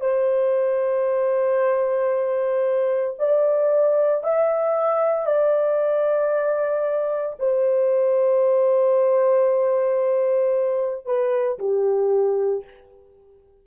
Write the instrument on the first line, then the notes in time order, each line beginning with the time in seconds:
horn
0.00 C5
3.19 D5
4.23 E5
5.26 D5
7.39 C5
11.05 B4
11.59 G4